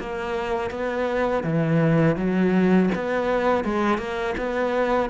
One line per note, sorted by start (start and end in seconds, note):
0.00 0.71 A#3
0.71 1.44 B3
1.44 2.17 E3
2.17 2.90 F#3
2.95 3.65 B3
3.65 3.98 G#3
3.98 4.35 A#3
4.38 5.10 B3